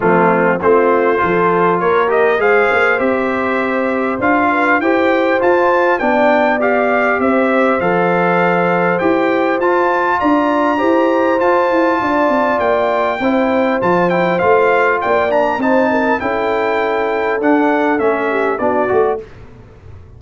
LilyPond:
<<
  \new Staff \with { instrumentName = "trumpet" } { \time 4/4 \tempo 4 = 100 f'4 c''2 cis''8 dis''8 | f''4 e''2 f''4 | g''4 a''4 g''4 f''4 | e''4 f''2 g''4 |
a''4 ais''2 a''4~ | a''4 g''2 a''8 g''8 | f''4 g''8 ais''8 a''4 g''4~ | g''4 fis''4 e''4 d''4 | }
  \new Staff \with { instrumentName = "horn" } { \time 4/4 c'4 f'4 a'4 ais'4 | c''2.~ c''8 b'8 | c''2 d''2 | c''1~ |
c''4 d''4 c''2 | d''2 c''2~ | c''4 d''4 c''8 ais'8 a'4~ | a'2~ a'8 g'8 fis'4 | }
  \new Staff \with { instrumentName = "trombone" } { \time 4/4 a4 c'4 f'4. g'8 | gis'4 g'2 f'4 | g'4 f'4 d'4 g'4~ | g'4 a'2 g'4 |
f'2 g'4 f'4~ | f'2 e'4 f'8 e'8 | f'4. d'8 dis'4 e'4~ | e'4 d'4 cis'4 d'8 fis'8 | }
  \new Staff \with { instrumentName = "tuba" } { \time 4/4 f4 a4 f4 ais4 | gis8 ais8 c'2 d'4 | e'4 f'4 b2 | c'4 f2 e'4 |
f'4 d'4 e'4 f'8 e'8 | d'8 c'8 ais4 c'4 f4 | a4 ais4 c'4 cis'4~ | cis'4 d'4 a4 b8 a8 | }
>>